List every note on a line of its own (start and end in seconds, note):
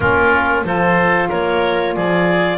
0.00 0.64 A#3
0.00 0.64 C#4
0.00 0.64 F4
0.00 0.63 A#4
0.64 1.29 F3
0.64 2.58 F4
0.64 1.29 A4
0.64 1.29 C5
1.29 1.96 A#3
1.29 1.94 A#4
1.29 1.96 C#5
1.96 2.58 F3
1.96 2.58 G#4
1.96 2.58 D5